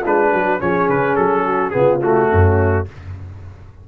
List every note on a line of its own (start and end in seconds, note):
0.00 0.33 G#3
0.00 0.59 D4
0.00 0.28 F4
0.00 0.60 B4
0.32 0.61 F#3
0.32 0.60 F#4
0.59 0.89 F3
0.59 1.72 C#4
0.59 1.45 G#4
0.59 0.89 C#5
0.89 1.17 C#3
0.89 1.15 B4
1.15 1.73 F#3
1.15 1.70 A4
1.45 1.73 F#4
1.70 2.31 C#3
1.70 2.00 B3
1.70 2.29 F4
1.70 1.98 G#4
2.00 2.85 A3
2.00 2.87 F#4
2.29 2.88 F#2
2.29 2.86 C#4